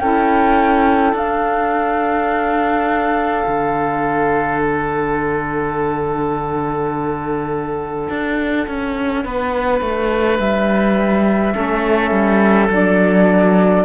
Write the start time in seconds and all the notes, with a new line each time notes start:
0.00 C#4 E4 A4 G5
1.13 D4 F5
3.47 D3
4.62 F#5
8.10 D4
8.68 C#4
9.24 B3 B4
9.81 A3
10.39 G3 E5
11.52 A3 C#4 A4
12.12 G3
12.70 F#3 D4 D5